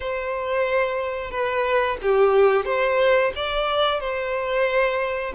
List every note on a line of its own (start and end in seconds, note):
0.00 1.30 C5
1.30 1.97 B4
2.02 2.65 G4
2.65 3.32 C5
3.35 3.99 D5
3.99 5.33 C5